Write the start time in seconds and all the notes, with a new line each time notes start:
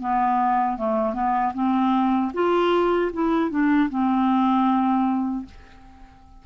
0.00 B3
0.77 A3
1.14 B3
1.54 C4
2.33 F4
3.13 E4
3.50 D4
3.89 C4